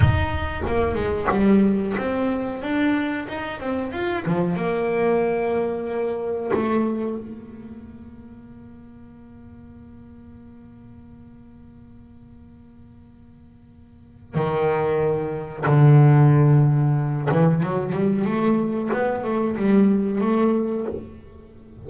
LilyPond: \new Staff \with { instrumentName = "double bass" } { \time 4/4 \tempo 4 = 92 dis'4 ais8 gis8 g4 c'4 | d'4 dis'8 c'8 f'8 f8 ais4~ | ais2 a4 ais4~ | ais1~ |
ais1~ | ais2 dis2 | d2~ d8 e8 fis8 g8 | a4 b8 a8 g4 a4 | }